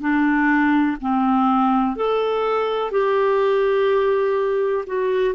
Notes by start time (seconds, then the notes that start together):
0.00 D4
1.01 C4
1.96 A4
2.91 G4
4.87 F#4